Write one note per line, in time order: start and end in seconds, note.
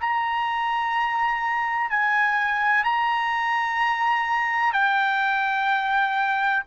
0.00 1.90 A#5
1.90 2.84 G#5
2.84 4.72 A#5
4.72 6.63 G5